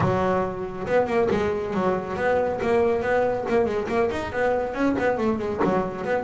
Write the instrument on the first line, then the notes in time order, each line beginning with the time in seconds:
double bass
0.00 F#3
0.86 B3
1.06 A#3
1.31 G#3
1.74 F#3
2.16 B3
2.61 A#3
3.02 B3
3.48 A#3
3.65 G#3
3.88 A#3
4.11 D#4
4.32 B3
4.74 C#4
4.99 B3
5.17 A3
5.38 G#3
5.64 F#3
6.04 B3